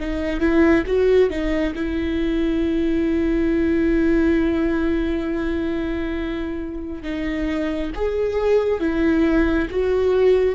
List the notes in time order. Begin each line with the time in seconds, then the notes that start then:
0.00 D#4
0.40 E4
0.87 F#4
1.30 D#4
1.75 E4
7.03 D#4
7.95 G#4
8.80 E4
9.70 F#4